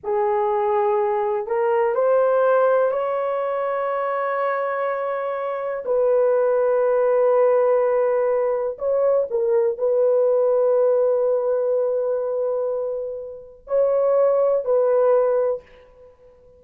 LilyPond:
\new Staff \with { instrumentName = "horn" } { \time 4/4 \tempo 4 = 123 gis'2. ais'4 | c''2 cis''2~ | cis''1 | b'1~ |
b'2 cis''4 ais'4 | b'1~ | b'1 | cis''2 b'2 | }